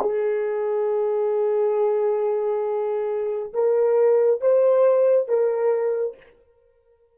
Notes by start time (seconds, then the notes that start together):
0.00 G#4
3.53 A#4
4.41 C5
5.28 A#4